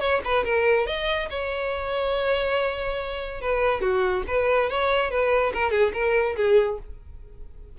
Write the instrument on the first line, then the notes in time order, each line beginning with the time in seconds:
violin
0.00 C#5
0.25 B4
0.44 A#4
0.87 D#5
1.30 C#5
3.41 B4
3.81 F#4
4.28 B4
4.70 C#5
5.11 B4
5.54 A#4
5.71 G#4
5.94 A#4
6.36 G#4